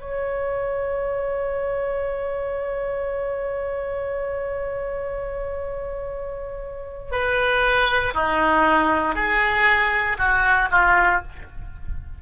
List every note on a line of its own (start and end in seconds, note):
0.00 7.11 C#5
7.11 8.13 B4
8.14 9.15 D#4
9.15 10.17 G#4
10.18 10.68 F#4
10.71 11.22 F4